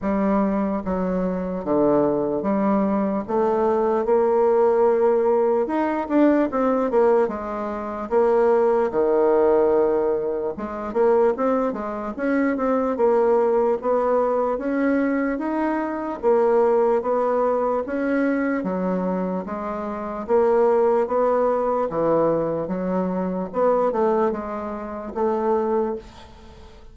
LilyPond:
\new Staff \with { instrumentName = "bassoon" } { \time 4/4 \tempo 4 = 74 g4 fis4 d4 g4 | a4 ais2 dis'8 d'8 | c'8 ais8 gis4 ais4 dis4~ | dis4 gis8 ais8 c'8 gis8 cis'8 c'8 |
ais4 b4 cis'4 dis'4 | ais4 b4 cis'4 fis4 | gis4 ais4 b4 e4 | fis4 b8 a8 gis4 a4 | }